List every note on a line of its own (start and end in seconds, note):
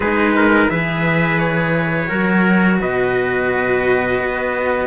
0.00 0.67 G#3
0.00 0.69 D#4
0.00 0.34 G#4
0.00 0.69 B4
0.36 0.70 A#4
0.69 2.09 E3
0.69 2.07 G#4
0.69 2.08 B4
0.69 1.38 E5
1.38 2.78 C#5
2.07 2.80 F#3
2.07 4.86 F#4
2.07 2.78 A#4
2.80 4.19 B2
2.80 4.86 B4
2.80 4.86 D#5
4.19 4.86 B3